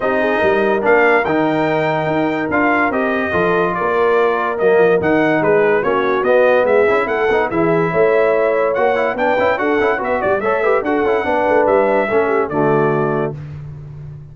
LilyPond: <<
  \new Staff \with { instrumentName = "trumpet" } { \time 4/4 \tempo 4 = 144 dis''2 f''4 g''4~ | g''2 f''4 dis''4~ | dis''4 d''2 dis''4 | fis''4 b'4 cis''4 dis''4 |
e''4 fis''4 e''2~ | e''4 fis''4 g''4 fis''4 | e''8 d''8 e''4 fis''2 | e''2 d''2 | }
  \new Staff \with { instrumentName = "horn" } { \time 4/4 g'8 gis'8 ais'2.~ | ais'1 | a'4 ais'2.~ | ais'4 gis'4 fis'2 |
gis'4 a'4 gis'4 cis''4~ | cis''2 b'4 a'4 | b'8 d''8 cis''8 b'8 a'4 b'4~ | b'4 a'8 g'8 fis'2 | }
  \new Staff \with { instrumentName = "trombone" } { \time 4/4 dis'2 d'4 dis'4~ | dis'2 f'4 g'4 | f'2. ais4 | dis'2 cis'4 b4~ |
b8 e'4 dis'8 e'2~ | e'4 fis'8 e'8 d'8 e'8 fis'8 e'8 | fis'4 a'8 g'8 fis'8 e'8 d'4~ | d'4 cis'4 a2 | }
  \new Staff \with { instrumentName = "tuba" } { \time 4/4 c'4 g4 ais4 dis4~ | dis4 dis'4 d'4 c'4 | f4 ais2 fis8 f8 | dis4 gis4 ais4 b4 |
gis8 cis'8 a8 b8 e4 a4~ | a4 ais4 b8 cis'8 d'8 cis'8 | b8 g8 a4 d'8 cis'8 b8 a8 | g4 a4 d2 | }
>>